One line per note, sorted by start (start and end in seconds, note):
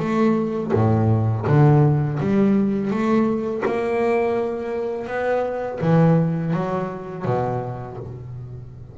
0.00 0.72 A3
0.74 1.46 A2
1.47 2.19 D3
2.20 2.91 G3
2.91 3.63 A3
3.66 5.07 A#3
5.07 5.80 B3
5.82 6.54 E3
6.54 7.26 F#3
7.26 7.98 B2